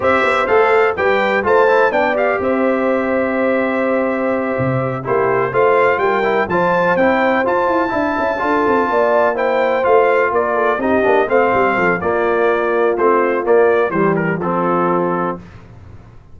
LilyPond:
<<
  \new Staff \with { instrumentName = "trumpet" } { \time 4/4 \tempo 4 = 125 e''4 f''4 g''4 a''4 | g''8 f''8 e''2.~ | e''2~ e''8 c''4 f''8~ | f''8 g''4 a''4 g''4 a''8~ |
a''2.~ a''8 g''8~ | g''8 f''4 d''4 dis''4 f''8~ | f''4 d''2 c''4 | d''4 c''8 ais'8 a'2 | }
  \new Staff \with { instrumentName = "horn" } { \time 4/4 c''2 b'4 c''4 | d''4 c''2.~ | c''2~ c''8 g'4 c''8~ | c''8 ais'4 c''2~ c''8~ |
c''8 e''4 a'4 d''4 c''8~ | c''4. ais'8 a'8 g'4 c''8~ | c''8 a'8 f'2.~ | f'4 g'4 f'2 | }
  \new Staff \with { instrumentName = "trombone" } { \time 4/4 g'4 a'4 g'4 f'8 e'8 | d'8 g'2.~ g'8~ | g'2~ g'8 e'4 f'8~ | f'4 e'8 f'4 e'4 f'8~ |
f'8 e'4 f'2 e'8~ | e'8 f'2 dis'8 d'8 c'8~ | c'4 ais2 c'4 | ais4 g4 c'2 | }
  \new Staff \with { instrumentName = "tuba" } { \time 4/4 c'8 b8 a4 g4 a4 | b4 c'2.~ | c'4. c4 ais4 a8~ | a8 g4 f4 c'4 f'8 |
e'8 d'8 cis'8 d'8 c'8 ais4.~ | ais8 a4 ais4 c'8 ais8 a8 | g8 f8 ais2 a4 | ais4 e4 f2 | }
>>